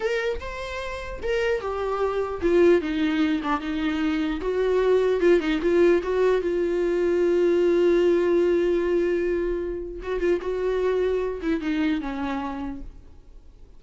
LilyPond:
\new Staff \with { instrumentName = "viola" } { \time 4/4 \tempo 4 = 150 ais'4 c''2 ais'4 | g'2 f'4 dis'4~ | dis'8 d'8 dis'2 fis'4~ | fis'4 f'8 dis'8 f'4 fis'4 |
f'1~ | f'1~ | f'4 fis'8 f'8 fis'2~ | fis'8 e'8 dis'4 cis'2 | }